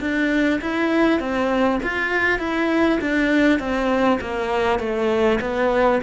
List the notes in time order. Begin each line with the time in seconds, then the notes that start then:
0.00 D4
0.61 E4
1.20 C4
1.83 F4
2.39 E4
3.01 D4
3.59 C4
4.21 A#3
4.79 A3
5.41 B3